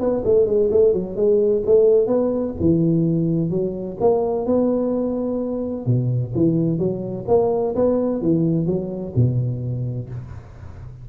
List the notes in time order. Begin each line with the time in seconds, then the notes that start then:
0.00 B3
0.25 A3
0.46 G#3
0.71 A3
0.94 F#3
1.16 G#3
1.66 A3
2.07 B3
2.60 E3
3.50 F#3
4.01 A#3
4.46 B3
5.86 B2
6.35 E3
6.79 F#3
7.28 A#3
7.75 B3
8.22 E3
8.67 F#3
9.16 B2